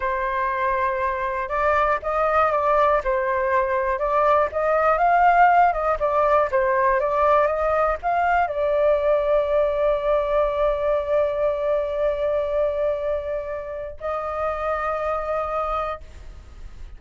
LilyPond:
\new Staff \with { instrumentName = "flute" } { \time 4/4 \tempo 4 = 120 c''2. d''4 | dis''4 d''4 c''2 | d''4 dis''4 f''4. dis''8 | d''4 c''4 d''4 dis''4 |
f''4 d''2.~ | d''1~ | d''1 | dis''1 | }